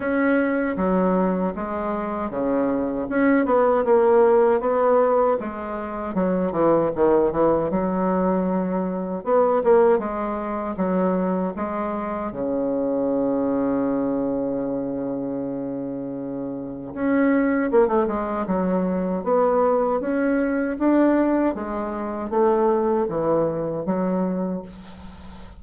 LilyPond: \new Staff \with { instrumentName = "bassoon" } { \time 4/4 \tempo 4 = 78 cis'4 fis4 gis4 cis4 | cis'8 b8 ais4 b4 gis4 | fis8 e8 dis8 e8 fis2 | b8 ais8 gis4 fis4 gis4 |
cis1~ | cis2 cis'4 ais16 a16 gis8 | fis4 b4 cis'4 d'4 | gis4 a4 e4 fis4 | }